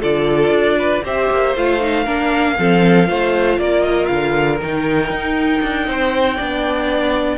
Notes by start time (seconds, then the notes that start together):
0.00 D3 F4 A4 D5
0.50 D4
0.78 B4
1.04 C4 G4 C5 E5
1.31 A#3
1.56 A3 F4 F5
1.80 D#4
2.04 A#3 D4 A#4
2.58 F3 C4 A4
3.06 A3 F4 C5
3.58 A#3 A#4 D5
3.83 D#5
4.06 D3 F5
4.60 D#3 D#4 G5
5.10 D#4
5.62 D4
5.87 C4 C5
6.36 B3 D4 D5